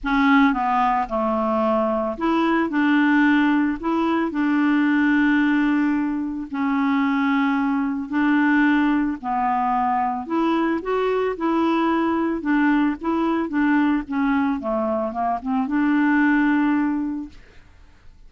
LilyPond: \new Staff \with { instrumentName = "clarinet" } { \time 4/4 \tempo 4 = 111 cis'4 b4 a2 | e'4 d'2 e'4 | d'1 | cis'2. d'4~ |
d'4 b2 e'4 | fis'4 e'2 d'4 | e'4 d'4 cis'4 a4 | ais8 c'8 d'2. | }